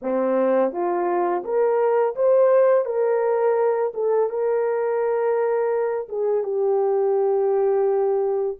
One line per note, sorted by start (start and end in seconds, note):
0.02 0.71 C4
0.71 1.43 F4
1.44 2.15 A#4
2.15 2.85 C5
2.85 3.92 A#4
3.94 4.29 A4
4.29 6.08 A#4
6.08 6.43 G#4
6.43 8.57 G4